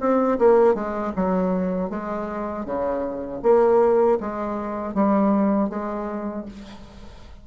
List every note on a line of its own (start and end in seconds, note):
0.00 0.38 C4
0.38 0.75 A#3
0.75 1.13 G#3
1.16 1.90 F#3
1.90 2.65 G#3
2.65 3.41 C#3
3.42 4.18 A#3
4.20 4.94 G#3
4.94 5.69 G3
5.69 6.45 G#3